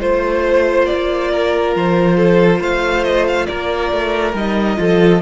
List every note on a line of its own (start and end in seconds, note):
0.00 0.87 A3
0.00 4.35 F4
0.00 0.86 C5
0.00 1.31 C5
0.86 1.76 A#3
0.86 1.73 D5
1.31 2.17 A#4
1.76 2.60 F3
1.76 2.62 C5
2.17 2.60 A4
2.60 3.47 A3
2.60 3.47 C5
2.60 3.04 F5
3.04 3.26 D#5
3.27 3.46 F5
3.46 3.92 A#3
3.46 4.79 A#4
3.46 4.33 D5
3.92 4.34 A3
4.34 4.77 G3
4.34 4.77 D#4
4.34 5.21 D#5
4.77 5.21 F3
4.77 5.20 F4
4.77 5.21 A4